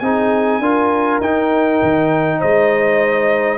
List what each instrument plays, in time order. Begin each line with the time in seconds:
0.00 tuba C4, trombone D#4, horn G#4, trumpet G#5
0.60 tuba D4, trombone F4, horn A#4
1.21 tuba D#4, trombone D#4, trumpet G5
1.82 tuba D#3
2.39 tuba G#3, horn C5, trumpet D#5